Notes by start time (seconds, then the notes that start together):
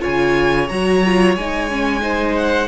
0.00 F4 C#5 G#5
0.07 C#3
0.69 F#3 F#4 A#5
1.05 F4
1.36 G#3 D#4 G#5
1.70 C#4
2.00 D#4 C5
2.36 F#5